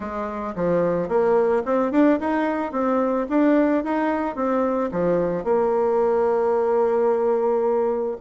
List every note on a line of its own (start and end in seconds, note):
0.00 0.54 G#3
0.55 1.08 F3
1.08 1.62 A#3
1.65 1.91 C4
1.91 2.19 D4
2.19 2.72 D#4
2.72 3.26 C4
3.29 3.83 D4
3.83 4.35 D#4
4.35 4.90 C4
4.91 5.44 F3
5.44 8.16 A#3